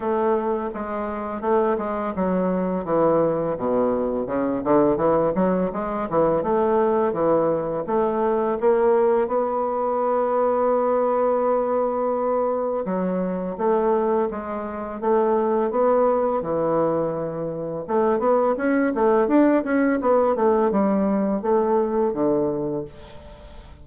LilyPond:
\new Staff \with { instrumentName = "bassoon" } { \time 4/4 \tempo 4 = 84 a4 gis4 a8 gis8 fis4 | e4 b,4 cis8 d8 e8 fis8 | gis8 e8 a4 e4 a4 | ais4 b2.~ |
b2 fis4 a4 | gis4 a4 b4 e4~ | e4 a8 b8 cis'8 a8 d'8 cis'8 | b8 a8 g4 a4 d4 | }